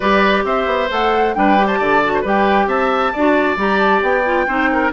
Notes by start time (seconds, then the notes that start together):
0.00 G3 G4 B4 D5
0.44 C4 C5 E5
0.66 B3
0.90 A3 A4 F#5
1.34 G3 D4 B4 G5
1.57 G4
1.66 C5 A5
1.79 D3 D5
2.04 F#4
2.13 C5
2.21 G3 G4 B4
2.27 G5
2.66 C4 E5 A5
3.12 D4 F#4 D5
3.56 G3 G4 A#5
3.79 A5
4.02 B3 G5
4.24 F4
4.47 C4 D#4 C5
4.72 A#4